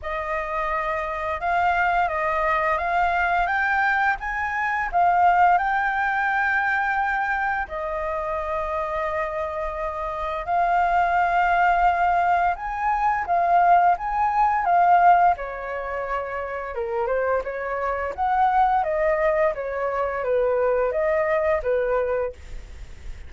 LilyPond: \new Staff \with { instrumentName = "flute" } { \time 4/4 \tempo 4 = 86 dis''2 f''4 dis''4 | f''4 g''4 gis''4 f''4 | g''2. dis''4~ | dis''2. f''4~ |
f''2 gis''4 f''4 | gis''4 f''4 cis''2 | ais'8 c''8 cis''4 fis''4 dis''4 | cis''4 b'4 dis''4 b'4 | }